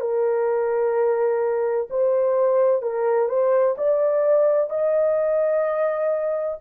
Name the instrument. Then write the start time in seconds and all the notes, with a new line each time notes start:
horn
0.00 A#4
1.90 C5
2.82 A#4
3.29 C5
3.78 D5
4.70 D#5